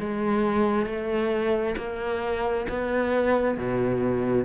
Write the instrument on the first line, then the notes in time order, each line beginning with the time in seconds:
cello
0.00 G#3
0.86 A3
1.77 A#3
2.69 B3
3.58 B2